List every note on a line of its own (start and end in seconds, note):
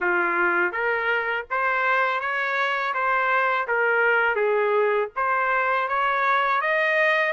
0.00 0.72 F4
0.72 1.45 A#4
1.50 2.20 C5
2.20 2.93 C#5
2.94 3.67 C5
3.67 4.35 A#4
4.35 5.08 G#4
5.16 5.88 C5
5.88 6.61 C#5
6.61 7.32 D#5